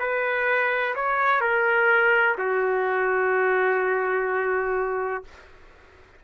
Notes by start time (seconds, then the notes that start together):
0.00 B4
0.96 C#5
1.42 A#4
2.39 F#4